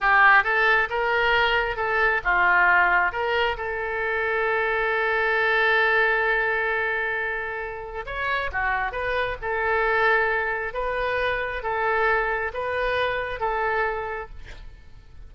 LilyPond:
\new Staff \with { instrumentName = "oboe" } { \time 4/4 \tempo 4 = 134 g'4 a'4 ais'2 | a'4 f'2 ais'4 | a'1~ | a'1~ |
a'2 cis''4 fis'4 | b'4 a'2. | b'2 a'2 | b'2 a'2 | }